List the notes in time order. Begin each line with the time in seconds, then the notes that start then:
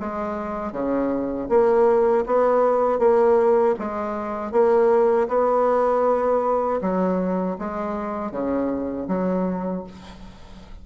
0.00 G#3
0.72 C#3
1.49 A#3
2.26 B3
2.99 A#3
3.79 G#3
4.52 A#3
5.28 B3
6.81 F#3
7.58 G#3
8.32 C#3
9.08 F#3